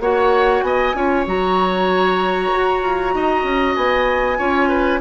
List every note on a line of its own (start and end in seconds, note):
0.00 0.62 A#3
0.00 0.95 F#4
0.00 0.64 C#5
0.00 0.63 F#5
0.62 0.94 B3
0.62 0.96 D#5
0.62 1.25 G#5
0.94 1.25 C#4
0.94 1.26 F4
0.94 3.15 C#5
1.26 2.52 F#3
1.26 4.38 F#4
1.26 3.76 A#5
2.53 2.82 F#4
2.82 3.14 F4
3.14 3.44 D#4
3.14 4.38 D#5
3.44 3.75 C#4
3.76 4.39 B3
3.76 5.01 G#5
4.38 5.01 C#4
4.38 5.01 F4
4.38 4.69 C#5
4.69 5.00 B4